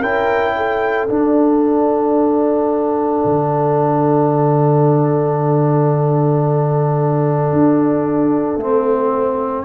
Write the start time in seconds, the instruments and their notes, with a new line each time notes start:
0.00 tuba C#4, trombone E4, horn A#4, trumpet G5
0.57 horn A4
1.09 tuba D4, trombone D4, trumpet F#5
3.25 tuba D3
7.53 tuba D4
8.57 tuba A3, trombone C4